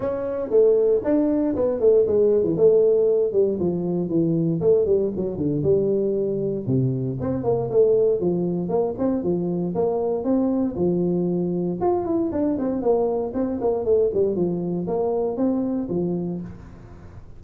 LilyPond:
\new Staff \with { instrumentName = "tuba" } { \time 4/4 \tempo 4 = 117 cis'4 a4 d'4 b8 a8 | gis8. e16 a4. g8 f4 | e4 a8 g8 fis8 d8 g4~ | g4 c4 c'8 ais8 a4 |
f4 ais8 c'8 f4 ais4 | c'4 f2 f'8 e'8 | d'8 c'8 ais4 c'8 ais8 a8 g8 | f4 ais4 c'4 f4 | }